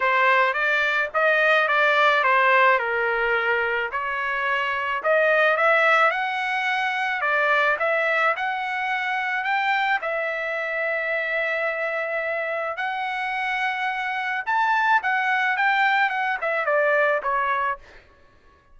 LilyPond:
\new Staff \with { instrumentName = "trumpet" } { \time 4/4 \tempo 4 = 108 c''4 d''4 dis''4 d''4 | c''4 ais'2 cis''4~ | cis''4 dis''4 e''4 fis''4~ | fis''4 d''4 e''4 fis''4~ |
fis''4 g''4 e''2~ | e''2. fis''4~ | fis''2 a''4 fis''4 | g''4 fis''8 e''8 d''4 cis''4 | }